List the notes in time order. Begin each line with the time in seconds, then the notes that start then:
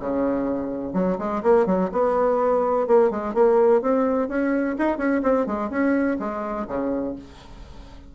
0.00 C#3
0.94 F#3
1.19 G#3
1.43 A#3
1.66 F#3
1.92 B3
2.88 A#3
3.11 G#3
3.35 A#3
3.82 C4
4.29 C#4
4.79 D#4
4.98 C#4
5.23 C4
5.47 G#3
5.71 C#4
6.20 G#3
6.68 C#3